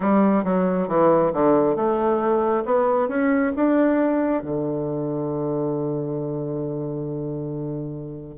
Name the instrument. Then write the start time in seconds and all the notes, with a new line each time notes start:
bassoon
0.00 G3
0.44 F#3
0.88 E3
1.33 D3
1.75 A3
2.65 B3
3.08 C#4
3.56 D4
4.42 D3